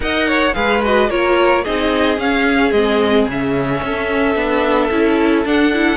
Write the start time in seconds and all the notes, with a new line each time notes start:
0.00 D#4 A#4 D#5 F#5
0.27 C#5
0.53 G#3 G#4 B4 F5
0.84 F#4 D#5
1.09 A#3 F4 A#4 C#5
1.64 C4 D#4 G#4 D#5
2.16 C#4 F5
2.71 G#3 C4 D#5
3.27 C#3 C#4 E5
3.82 C#4 A4
4.35 B3 D4
4.90 C#4 E4
5.44 D4 F#5
5.73 E4